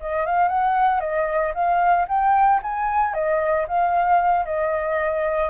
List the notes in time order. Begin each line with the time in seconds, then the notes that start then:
0.00 D#5
0.26 F5
0.48 F#5
1.00 D#5
1.54 F5
2.08 G5
2.62 G#5
3.13 D#5
3.67 F5
4.45 D#5